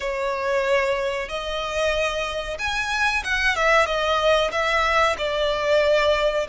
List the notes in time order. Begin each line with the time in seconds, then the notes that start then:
0.00 C#5
1.28 D#5
2.58 G#5
3.23 F#5
3.55 E5
3.86 D#5
4.51 E5
5.18 D5